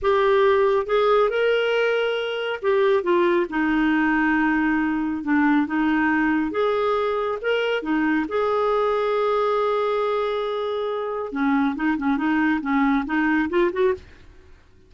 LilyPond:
\new Staff \with { instrumentName = "clarinet" } { \time 4/4 \tempo 4 = 138 g'2 gis'4 ais'4~ | ais'2 g'4 f'4 | dis'1 | d'4 dis'2 gis'4~ |
gis'4 ais'4 dis'4 gis'4~ | gis'1~ | gis'2 cis'4 dis'8 cis'8 | dis'4 cis'4 dis'4 f'8 fis'8 | }